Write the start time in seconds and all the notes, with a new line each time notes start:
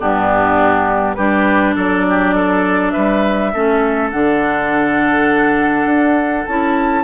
0.00 G2 B3 D4 G4
1.15 G3 D4 G4 B4
1.75 F#3 A4 D5
2.10 G4
2.35 A4
2.91 G3 B4 E5
3.54 A3 C#4 A4
4.11 D3 D4 F#5
5.85 D4
6.46 C#4 E4 A5